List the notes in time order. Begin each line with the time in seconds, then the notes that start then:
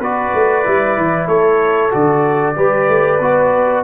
0.00 B3 F#4 B4 D5
0.34 A3
0.65 G3 E4
0.97 E3
1.27 A3 A4 C#5
1.91 D3 F#4 D5
2.56 G3 G4 B4
2.89 A3
3.20 B3 F#4